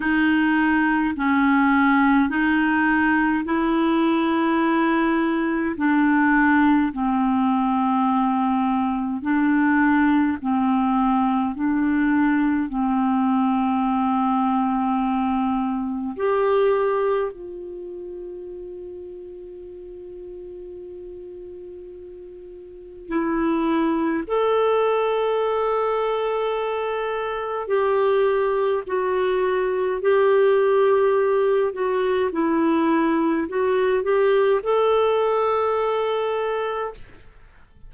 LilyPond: \new Staff \with { instrumentName = "clarinet" } { \time 4/4 \tempo 4 = 52 dis'4 cis'4 dis'4 e'4~ | e'4 d'4 c'2 | d'4 c'4 d'4 c'4~ | c'2 g'4 f'4~ |
f'1 | e'4 a'2. | g'4 fis'4 g'4. fis'8 | e'4 fis'8 g'8 a'2 | }